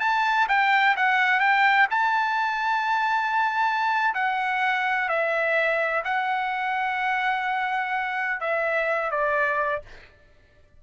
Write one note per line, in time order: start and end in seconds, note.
0.00 0.47 A5
0.49 0.96 G5
0.97 1.40 F#5
1.40 1.87 G5
1.91 4.15 A5
4.15 5.09 F#5
5.09 6.03 E5
6.05 8.41 F#5
8.41 9.11 E5
9.11 9.82 D5